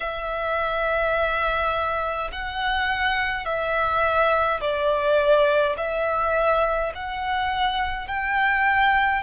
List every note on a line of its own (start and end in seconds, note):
0.00 2.30 E5
2.32 3.45 F#5
3.45 4.60 E5
4.60 5.76 D5
5.77 6.92 E5
6.94 8.07 F#5
8.07 9.23 G5